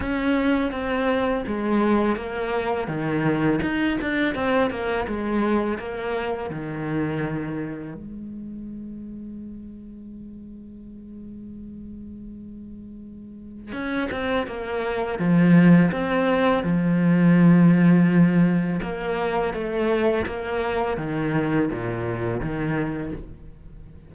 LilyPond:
\new Staff \with { instrumentName = "cello" } { \time 4/4 \tempo 4 = 83 cis'4 c'4 gis4 ais4 | dis4 dis'8 d'8 c'8 ais8 gis4 | ais4 dis2 gis4~ | gis1~ |
gis2. cis'8 c'8 | ais4 f4 c'4 f4~ | f2 ais4 a4 | ais4 dis4 ais,4 dis4 | }